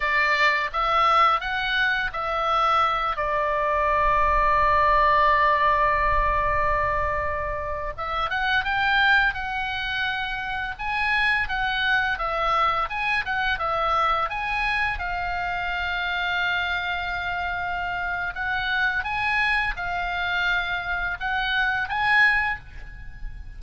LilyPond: \new Staff \with { instrumentName = "oboe" } { \time 4/4 \tempo 4 = 85 d''4 e''4 fis''4 e''4~ | e''8 d''2.~ d''8~ | d''2.~ d''16 e''8 fis''16~ | fis''16 g''4 fis''2 gis''8.~ |
gis''16 fis''4 e''4 gis''8 fis''8 e''8.~ | e''16 gis''4 f''2~ f''8.~ | f''2 fis''4 gis''4 | f''2 fis''4 gis''4 | }